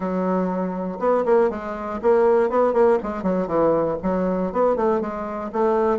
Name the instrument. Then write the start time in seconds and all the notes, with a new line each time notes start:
bassoon
0.00 F#3
0.99 B3
1.25 A#3
1.50 G#3
2.01 A#3
2.49 B3
2.73 A#3
3.02 G#3
3.22 F#3
3.47 E3
4.02 F#3
4.52 B3
4.75 A3
5.00 G#3
5.52 A3